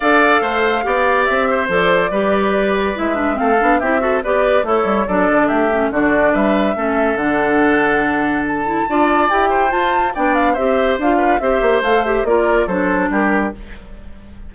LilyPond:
<<
  \new Staff \with { instrumentName = "flute" } { \time 4/4 \tempo 4 = 142 f''2. e''4 | d''2. e''4 | f''4 e''4 d''4 cis''4 | d''4 e''4 d''4 e''4~ |
e''4 fis''2. | a''2 g''4 a''4 | g''8 f''8 e''4 f''4 e''4 | f''8 e''8 d''4 c''4 ais'4 | }
  \new Staff \with { instrumentName = "oboe" } { \time 4/4 d''4 c''4 d''4. c''8~ | c''4 b'2. | a'4 g'8 a'8 b'4 e'4 | a'4 g'4 fis'4 b'4 |
a'1~ | a'4 d''4. c''4. | d''4 c''4. b'8 c''4~ | c''4 ais'4 a'4 g'4 | }
  \new Staff \with { instrumentName = "clarinet" } { \time 4/4 a'2 g'2 | a'4 g'2 e'8 d'8 | c'8 d'8 e'8 fis'8 g'4 a'4 | d'4. cis'8 d'2 |
cis'4 d'2.~ | d'8 e'8 f'4 g'4 f'4 | d'4 g'4 f'4 g'4 | a'8 g'8 f'4 d'2 | }
  \new Staff \with { instrumentName = "bassoon" } { \time 4/4 d'4 a4 b4 c'4 | f4 g2 gis4 | a8 b8 c'4 b4 a8 g8 | fis8 d8 a4 d4 g4 |
a4 d2.~ | d4 d'4 e'4 f'4 | b4 c'4 d'4 c'8 ais8 | a4 ais4 fis4 g4 | }
>>